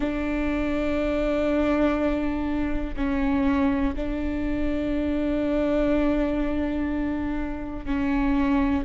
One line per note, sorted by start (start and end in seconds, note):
0.00 2.95 D4
2.96 3.94 C#4
3.96 7.85 D4
7.85 8.83 C#4